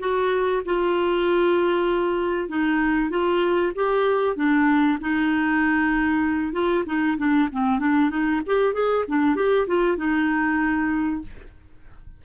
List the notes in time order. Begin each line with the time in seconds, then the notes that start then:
0.00 F#4
0.66 F4
2.49 D#4
3.10 F4
3.76 G4
4.36 D4
5.01 D#4
6.53 F4
6.86 D#4
7.18 D4
7.52 C4
7.80 D4
8.10 D#4
8.47 G4
8.74 G#4
9.09 D4
9.36 G4
9.68 F4
9.97 D#4